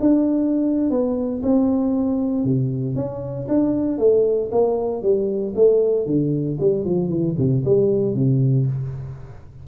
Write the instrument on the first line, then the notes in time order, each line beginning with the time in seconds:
tuba
0.00 D4
0.90 B3
1.42 C4
2.44 C3
2.95 C#4
3.48 D4
3.98 A3
4.51 A#3
5.02 G3
5.55 A3
6.06 D3
6.59 G3
6.84 F3
7.09 E3
7.38 C3
7.65 G3
8.14 C3